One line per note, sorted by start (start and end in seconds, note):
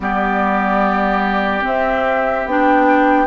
0.00 1.63 G3
0.00 1.61 B3
0.00 3.27 G4
0.00 1.65 D5
1.61 2.43 C4
1.61 2.45 C4
1.61 2.46 E5
2.45 3.27 B3
2.45 3.27 D4
2.45 3.27 G5